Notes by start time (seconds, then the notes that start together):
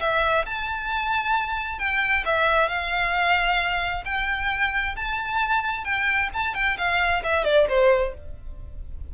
0.00 E5
0.45 A5
1.79 G5
2.25 E5
2.68 F5
4.05 G5
4.96 A5
5.84 G5
6.33 A5
6.54 G5
6.78 F5
7.23 E5
7.44 D5
7.69 C5